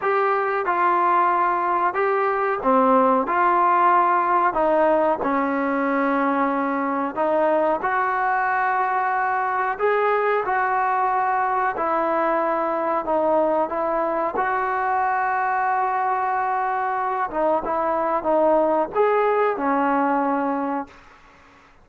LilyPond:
\new Staff \with { instrumentName = "trombone" } { \time 4/4 \tempo 4 = 92 g'4 f'2 g'4 | c'4 f'2 dis'4 | cis'2. dis'4 | fis'2. gis'4 |
fis'2 e'2 | dis'4 e'4 fis'2~ | fis'2~ fis'8 dis'8 e'4 | dis'4 gis'4 cis'2 | }